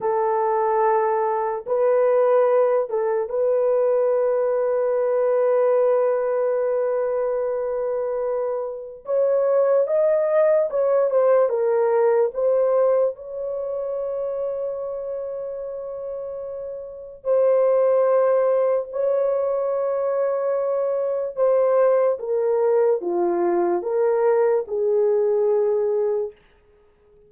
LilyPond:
\new Staff \with { instrumentName = "horn" } { \time 4/4 \tempo 4 = 73 a'2 b'4. a'8 | b'1~ | b'2. cis''4 | dis''4 cis''8 c''8 ais'4 c''4 |
cis''1~ | cis''4 c''2 cis''4~ | cis''2 c''4 ais'4 | f'4 ais'4 gis'2 | }